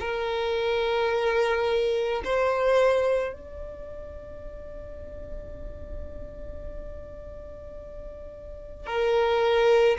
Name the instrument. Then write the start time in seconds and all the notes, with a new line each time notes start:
violin
0.00 A#4
2.24 C5
3.33 D5
8.86 A#4